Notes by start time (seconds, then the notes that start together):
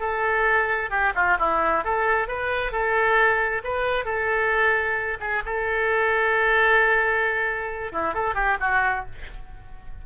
0.00 A4
0.90 G4
1.15 F4
1.39 E4
1.84 A4
2.28 B4
2.72 A4
3.64 B4
4.05 A4
5.20 G#4
5.45 A4
7.92 E4
8.14 A4
8.35 G4
8.60 F#4